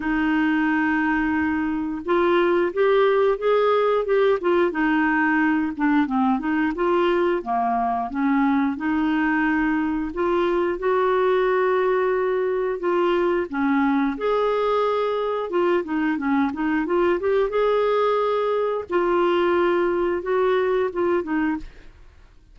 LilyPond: \new Staff \with { instrumentName = "clarinet" } { \time 4/4 \tempo 4 = 89 dis'2. f'4 | g'4 gis'4 g'8 f'8 dis'4~ | dis'8 d'8 c'8 dis'8 f'4 ais4 | cis'4 dis'2 f'4 |
fis'2. f'4 | cis'4 gis'2 f'8 dis'8 | cis'8 dis'8 f'8 g'8 gis'2 | f'2 fis'4 f'8 dis'8 | }